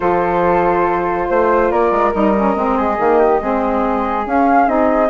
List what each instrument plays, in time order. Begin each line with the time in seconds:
0.00 bassoon F3, saxophone F4, flute A4 C5
1.29 bassoon A3, flute C5
1.70 bassoon A#3, flute A#4 D5
1.91 bassoon G#3
2.13 bassoon G3, saxophone D#4, flute D#5
2.35 saxophone C#4
2.55 bassoon G#3, saxophone C4
2.77 flute G#4
2.96 bassoon D#3, saxophone A#3
3.19 flute G4
3.41 bassoon G#3, saxophone C4, flute G#4
4.24 saxophone C#4, bassoon C#4, flute F5
4.66 bassoon C4, saxophone D#4, flute D#5